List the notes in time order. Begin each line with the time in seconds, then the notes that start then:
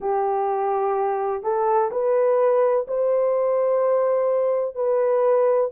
0.00 G4
1.43 A4
1.91 B4
2.87 C5
4.74 B4